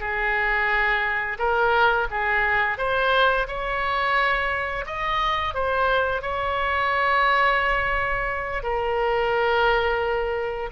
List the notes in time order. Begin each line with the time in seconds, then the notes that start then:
0.00 G#4
1.39 A#4
2.11 G#4
2.78 C5
3.48 C#5
4.87 D#5
5.55 C5
6.22 C#5
8.63 A#4